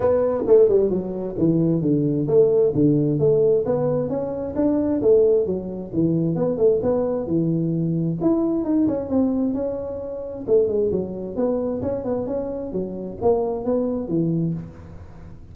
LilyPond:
\new Staff \with { instrumentName = "tuba" } { \time 4/4 \tempo 4 = 132 b4 a8 g8 fis4 e4 | d4 a4 d4 a4 | b4 cis'4 d'4 a4 | fis4 e4 b8 a8 b4 |
e2 e'4 dis'8 cis'8 | c'4 cis'2 a8 gis8 | fis4 b4 cis'8 b8 cis'4 | fis4 ais4 b4 e4 | }